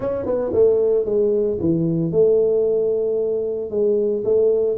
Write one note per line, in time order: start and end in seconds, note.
0.00 0.25 C#4
0.25 0.52 B3
0.53 1.05 A3
1.05 1.58 G#3
1.60 2.11 E3
2.11 3.70 A3
3.70 4.23 G#3
4.24 4.77 A3